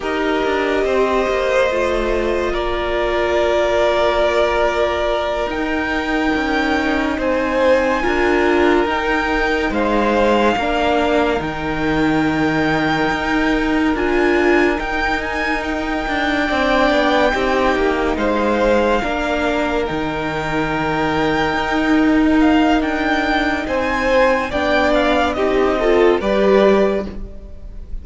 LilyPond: <<
  \new Staff \with { instrumentName = "violin" } { \time 4/4 \tempo 4 = 71 dis''2. d''4~ | d''2~ d''8 g''4.~ | g''8 gis''2 g''4 f''8~ | f''4. g''2~ g''8~ |
g''8 gis''4 g''8 gis''8 g''4.~ | g''4. f''2 g''8~ | g''2~ g''8 f''8 g''4 | gis''4 g''8 f''8 dis''4 d''4 | }
  \new Staff \with { instrumentName = "violin" } { \time 4/4 ais'4 c''2 ais'4~ | ais'1~ | ais'8 c''4 ais'2 c''8~ | c''8 ais'2.~ ais'8~ |
ais'2.~ ais'8 d''8~ | d''8 g'4 c''4 ais'4.~ | ais'1 | c''4 d''4 g'8 a'8 b'4 | }
  \new Staff \with { instrumentName = "viola" } { \time 4/4 g'2 f'2~ | f'2~ f'8 dis'4.~ | dis'4. f'4 dis'4.~ | dis'8 d'4 dis'2~ dis'8~ |
dis'8 f'4 dis'2 d'8~ | d'8 dis'2 d'4 dis'8~ | dis'1~ | dis'4 d'4 dis'8 f'8 g'4 | }
  \new Staff \with { instrumentName = "cello" } { \time 4/4 dis'8 d'8 c'8 ais8 a4 ais4~ | ais2~ ais8 dis'4 cis'8~ | cis'8 c'4 d'4 dis'4 gis8~ | gis8 ais4 dis2 dis'8~ |
dis'8 d'4 dis'4. d'8 c'8 | b8 c'8 ais8 gis4 ais4 dis8~ | dis4. dis'4. d'4 | c'4 b4 c'4 g4 | }
>>